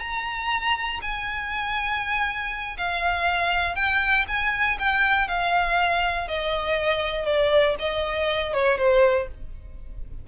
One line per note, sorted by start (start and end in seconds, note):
0.00 1.00 A#5
1.02 2.77 G#5
2.78 3.76 F5
3.76 4.26 G5
4.28 4.78 G#5
4.79 5.28 G5
5.28 6.28 F5
6.28 7.26 D#5
7.26 7.76 D5
7.80 8.54 D#5
8.54 8.78 C#5
8.78 9.28 C5